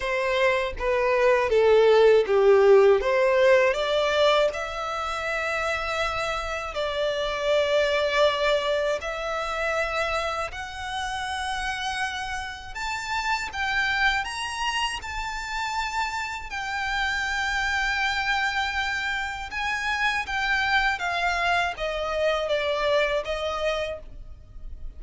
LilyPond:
\new Staff \with { instrumentName = "violin" } { \time 4/4 \tempo 4 = 80 c''4 b'4 a'4 g'4 | c''4 d''4 e''2~ | e''4 d''2. | e''2 fis''2~ |
fis''4 a''4 g''4 ais''4 | a''2 g''2~ | g''2 gis''4 g''4 | f''4 dis''4 d''4 dis''4 | }